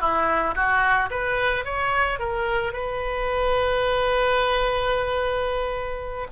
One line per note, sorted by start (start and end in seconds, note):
0.00 0.55 E4
0.55 1.09 F#4
1.10 1.65 B4
1.65 2.19 C#5
2.19 2.72 A#4
2.72 6.27 B4